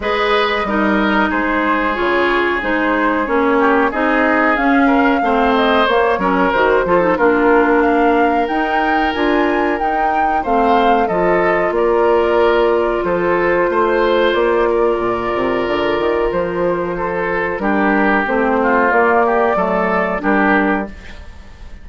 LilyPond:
<<
  \new Staff \with { instrumentName = "flute" } { \time 4/4 \tempo 4 = 92 dis''2 c''4 cis''4 | c''4 cis''4 dis''4 f''4~ | f''8 dis''8 cis''4 c''4 ais'4 | f''4 g''4 gis''4 g''4 |
f''4 dis''4 d''2 | c''2 d''2~ | d''4 c''2 ais'4 | c''4 d''2 ais'4 | }
  \new Staff \with { instrumentName = "oboe" } { \time 4/4 b'4 ais'4 gis'2~ | gis'4. g'8 gis'4. ais'8 | c''4. ais'4 a'8 f'4 | ais'1 |
c''4 a'4 ais'2 | a'4 c''4. ais'4.~ | ais'2 a'4 g'4~ | g'8 f'4 g'8 a'4 g'4 | }
  \new Staff \with { instrumentName = "clarinet" } { \time 4/4 gis'4 dis'2 f'4 | dis'4 cis'4 dis'4 cis'4 | c'4 ais8 cis'8 fis'8 f'16 dis'16 d'4~ | d'4 dis'4 f'4 dis'4 |
c'4 f'2.~ | f'1~ | f'2. d'4 | c'4 ais4 a4 d'4 | }
  \new Staff \with { instrumentName = "bassoon" } { \time 4/4 gis4 g4 gis4 cis4 | gis4 ais4 c'4 cis'4 | a4 ais8 fis8 dis8 f8 ais4~ | ais4 dis'4 d'4 dis'4 |
a4 f4 ais2 | f4 a4 ais4 ais,8 c8 | d8 dis8 f2 g4 | a4 ais4 fis4 g4 | }
>>